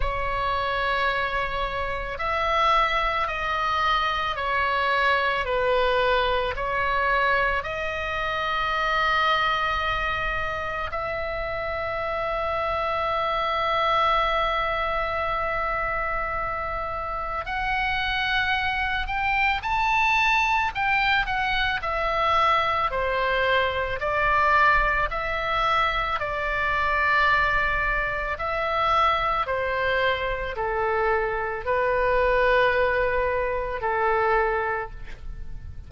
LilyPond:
\new Staff \with { instrumentName = "oboe" } { \time 4/4 \tempo 4 = 55 cis''2 e''4 dis''4 | cis''4 b'4 cis''4 dis''4~ | dis''2 e''2~ | e''1 |
fis''4. g''8 a''4 g''8 fis''8 | e''4 c''4 d''4 e''4 | d''2 e''4 c''4 | a'4 b'2 a'4 | }